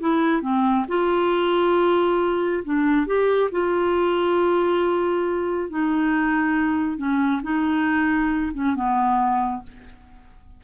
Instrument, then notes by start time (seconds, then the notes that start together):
clarinet
0.00 E4
0.42 C4
0.88 F4
2.64 D4
3.06 G4
3.51 F4
5.70 D#4
6.97 C#4
7.43 D#4
8.53 C#4
8.75 B3